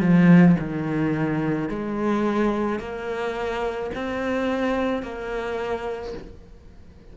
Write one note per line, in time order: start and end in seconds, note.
0.00 0.56 F3
0.59 1.69 D#3
1.69 2.79 G#3
2.79 3.90 A#3
3.94 5.02 C4
5.02 6.13 A#3